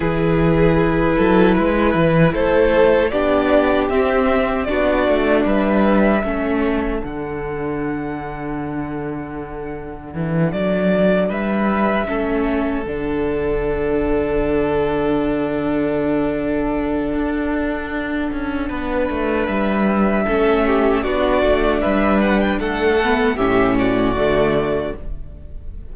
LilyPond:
<<
  \new Staff \with { instrumentName = "violin" } { \time 4/4 \tempo 4 = 77 b'2. c''4 | d''4 e''4 d''4 e''4~ | e''4 fis''2.~ | fis''4. d''4 e''4.~ |
e''8 fis''2.~ fis''8~ | fis''1~ | fis''4 e''2 d''4 | e''8 fis''16 g''16 fis''4 e''8 d''4. | }
  \new Staff \with { instrumentName = "violin" } { \time 4/4 gis'4. a'8 b'4 a'4 | g'2 fis'4 b'4 | a'1~ | a'2~ a'8 b'4 a'8~ |
a'1~ | a'1 | b'2 a'8 g'8 fis'4 | b'4 a'4 g'8 fis'4. | }
  \new Staff \with { instrumentName = "viola" } { \time 4/4 e'1 | d'4 c'4 d'2 | cis'4 d'2.~ | d'2.~ d'8 cis'8~ |
cis'8 d'2.~ d'8~ | d'1~ | d'2 cis'4 d'4~ | d'4. b8 cis'4 a4 | }
  \new Staff \with { instrumentName = "cello" } { \time 4/4 e4. fis8 gis8 e8 a4 | b4 c'4 b8 a8 g4 | a4 d2.~ | d4 e8 fis4 g4 a8~ |
a8 d2.~ d8~ | d2 d'4. cis'8 | b8 a8 g4 a4 b8 a8 | g4 a4 a,4 d4 | }
>>